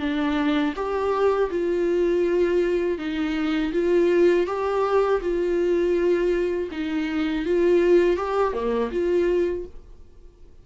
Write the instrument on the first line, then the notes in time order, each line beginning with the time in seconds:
viola
0.00 D4
0.76 G4
1.51 F4
2.98 D#4
3.73 F4
4.47 G4
5.21 F4
6.72 D#4
7.46 F4
8.17 G4
8.53 A#3
8.92 F4